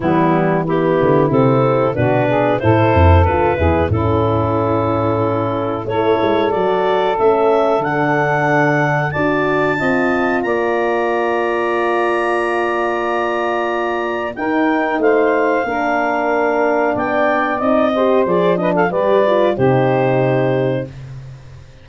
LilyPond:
<<
  \new Staff \with { instrumentName = "clarinet" } { \time 4/4 \tempo 4 = 92 e'4 g'4 a'4 b'4 | c''4 b'4 a'2~ | a'4 cis''4 d''4 e''4 | fis''2 a''2 |
ais''1~ | ais''2 g''4 f''4~ | f''2 g''4 dis''4 | d''8 dis''16 f''16 d''4 c''2 | }
  \new Staff \with { instrumentName = "saxophone" } { \time 4/4 b4 e'2 fis'8 gis'8 | a'4. gis'8 e'2~ | e'4 a'2.~ | a'2 d''4 dis''4 |
d''1~ | d''2 ais'4 c''4 | ais'2 d''4. c''8~ | c''8 b'16 a'16 b'4 g'2 | }
  \new Staff \with { instrumentName = "horn" } { \time 4/4 g4 b4 c'4 d'4 | e'4 f'8 e'8 cis'2~ | cis'4 e'4 fis'4 cis'4 | d'2 fis'4 f'4~ |
f'1~ | f'2 dis'2 | d'2. dis'8 g'8 | gis'8 d'8 g'8 f'8 dis'2 | }
  \new Staff \with { instrumentName = "tuba" } { \time 4/4 e4. d8 c4 b,4 | a,8 f,8 d,8 e,8 a,2~ | a,4 a8 gis8 fis4 a4 | d2 d'4 c'4 |
ais1~ | ais2 dis'4 a4 | ais2 b4 c'4 | f4 g4 c2 | }
>>